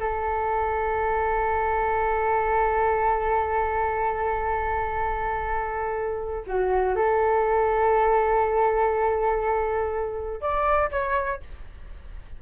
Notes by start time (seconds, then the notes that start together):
0.00 A4
6.47 F#4
6.96 A4
10.41 D5
10.92 C#5